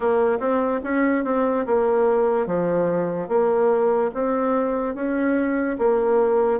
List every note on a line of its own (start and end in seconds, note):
0.00 0.38 A#3
0.39 0.80 C4
0.83 1.24 C#4
1.24 1.65 C4
1.66 2.46 A#3
2.46 3.28 F3
3.28 4.10 A#3
4.14 4.95 C4
4.95 5.77 C#4
5.78 6.59 A#3